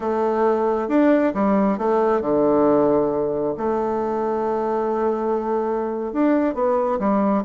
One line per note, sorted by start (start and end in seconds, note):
0.00 0.88 A3
0.88 1.33 D4
1.34 1.78 G3
1.78 2.21 A3
2.21 3.54 D3
3.57 6.12 A3
6.12 6.54 D4
6.54 6.98 B3
6.99 7.43 G3